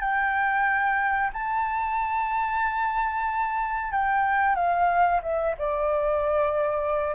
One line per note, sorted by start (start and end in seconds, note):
0.00 1.30 G5
1.33 3.91 A5
3.91 4.55 G5
4.55 5.20 F5
5.22 5.55 E5
5.58 7.14 D5